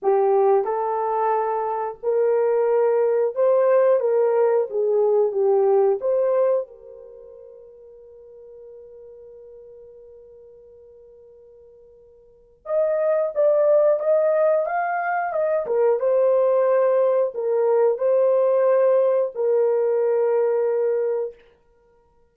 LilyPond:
\new Staff \with { instrumentName = "horn" } { \time 4/4 \tempo 4 = 90 g'4 a'2 ais'4~ | ais'4 c''4 ais'4 gis'4 | g'4 c''4 ais'2~ | ais'1~ |
ais'2. dis''4 | d''4 dis''4 f''4 dis''8 ais'8 | c''2 ais'4 c''4~ | c''4 ais'2. | }